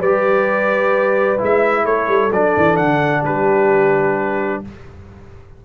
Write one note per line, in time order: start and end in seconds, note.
0.00 1.39 G3
0.00 1.38 G4
0.00 1.85 B4
0.00 1.41 D5
1.38 1.85 G#3
1.38 2.31 E4
1.38 1.86 E5
1.85 2.08 A3
1.85 3.22 A4
1.85 2.32 C#5
2.08 2.31 G3
2.32 2.55 F#3
2.32 4.65 D4
2.32 2.77 D5
2.57 2.80 E3
2.77 3.25 D3
2.77 3.23 F#5
3.22 4.63 G3
3.22 4.61 G4
3.22 4.64 B4